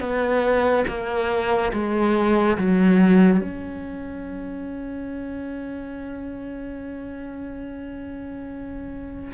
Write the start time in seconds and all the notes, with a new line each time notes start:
0.00 B3
0.88 A#3
1.73 G#3
2.58 F#3
3.41 C#4